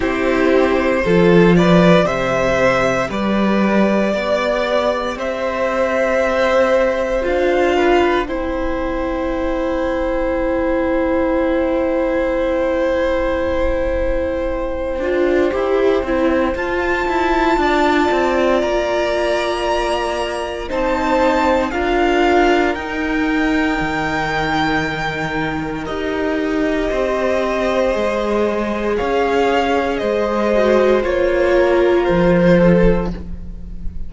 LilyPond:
<<
  \new Staff \with { instrumentName = "violin" } { \time 4/4 \tempo 4 = 58 c''4. d''8 e''4 d''4~ | d''4 e''2 f''4 | g''1~ | g''1 |
a''2 ais''2 | a''4 f''4 g''2~ | g''4 dis''2. | f''4 dis''4 cis''4 c''4 | }
  \new Staff \with { instrumentName = "violin" } { \time 4/4 g'4 a'8 b'8 c''4 b'4 | d''4 c''2~ c''8 b'8 | c''1~ | c''1~ |
c''4 d''2. | c''4 ais'2.~ | ais'2 c''2 | cis''4 c''4. ais'4 a'8 | }
  \new Staff \with { instrumentName = "viola" } { \time 4/4 e'4 f'4 g'2~ | g'2. f'4 | e'1~ | e'2~ e'8 f'8 g'8 e'8 |
f'1 | dis'4 f'4 dis'2~ | dis'4 g'2 gis'4~ | gis'4. fis'8 f'2 | }
  \new Staff \with { instrumentName = "cello" } { \time 4/4 c'4 f4 c4 g4 | b4 c'2 d'4 | c'1~ | c'2~ c'8 d'8 e'8 c'8 |
f'8 e'8 d'8 c'8 ais2 | c'4 d'4 dis'4 dis4~ | dis4 dis'4 c'4 gis4 | cis'4 gis4 ais4 f4 | }
>>